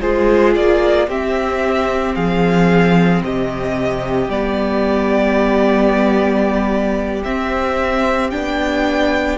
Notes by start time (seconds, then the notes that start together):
0.00 G#3 F4 G#4 C5
0.55 A#3 D5
1.07 C4 G4 E5
2.15 F3 G#4 F5
3.23 C3 G4 D#5
4.28 G3 B3 D5
7.23 C4 E5
8.30 B3 D4 G5